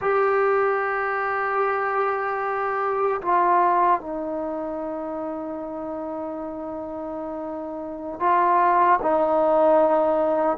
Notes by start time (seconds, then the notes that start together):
0.01 G4
3.21 F4
4.00 D#4
8.19 F4
9.02 D#4